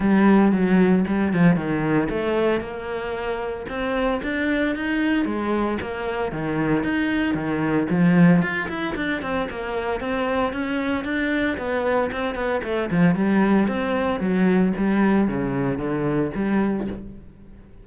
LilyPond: \new Staff \with { instrumentName = "cello" } { \time 4/4 \tempo 4 = 114 g4 fis4 g8 f8 dis4 | a4 ais2 c'4 | d'4 dis'4 gis4 ais4 | dis4 dis'4 dis4 f4 |
f'8 e'8 d'8 c'8 ais4 c'4 | cis'4 d'4 b4 c'8 b8 | a8 f8 g4 c'4 fis4 | g4 cis4 d4 g4 | }